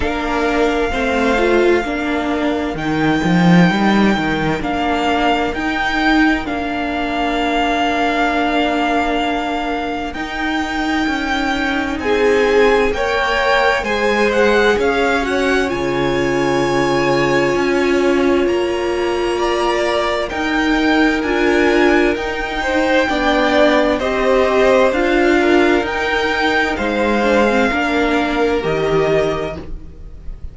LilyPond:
<<
  \new Staff \with { instrumentName = "violin" } { \time 4/4 \tempo 4 = 65 f''2. g''4~ | g''4 f''4 g''4 f''4~ | f''2. g''4~ | g''4 gis''4 g''4 gis''8 fis''8 |
f''8 fis''8 gis''2. | ais''2 g''4 gis''4 | g''2 dis''4 f''4 | g''4 f''2 dis''4 | }
  \new Staff \with { instrumentName = "violin" } { \time 4/4 ais'4 c''4 ais'2~ | ais'1~ | ais'1~ | ais'4 gis'4 cis''4 c''4 |
cis''1~ | cis''4 d''4 ais'2~ | ais'8 c''8 d''4 c''4. ais'8~ | ais'4 c''4 ais'2 | }
  \new Staff \with { instrumentName = "viola" } { \time 4/4 d'4 c'8 f'8 d'4 dis'4~ | dis'4 d'4 dis'4 d'4~ | d'2. dis'4~ | dis'2 ais'4 gis'4~ |
gis'8 fis'8 f'2.~ | f'2 dis'4 f'4 | dis'4 d'4 g'4 f'4 | dis'4. d'16 c'16 d'4 g'4 | }
  \new Staff \with { instrumentName = "cello" } { \time 4/4 ais4 a4 ais4 dis8 f8 | g8 dis8 ais4 dis'4 ais4~ | ais2. dis'4 | cis'4 c'4 ais4 gis4 |
cis'4 cis2 cis'4 | ais2 dis'4 d'4 | dis'4 b4 c'4 d'4 | dis'4 gis4 ais4 dis4 | }
>>